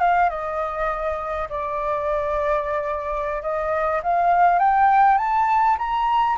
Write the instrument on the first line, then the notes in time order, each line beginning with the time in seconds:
flute
0.00 F5
0.29 D#5
1.49 D5
3.42 D#5
4.03 F5
4.59 G5
5.18 A5
5.78 A#5